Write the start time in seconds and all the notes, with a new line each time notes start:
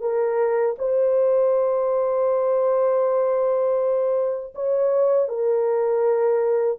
0.00 A#4
0.78 C5
4.54 C#5
5.28 A#4